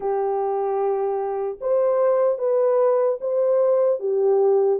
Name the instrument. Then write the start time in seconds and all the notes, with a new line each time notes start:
horn
0.00 G4
1.60 C5
2.38 B4
3.20 C5
3.99 G4